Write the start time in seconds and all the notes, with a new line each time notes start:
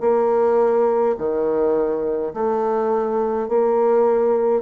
0.00 A#3
1.17 D#3
2.33 A3
3.48 A#3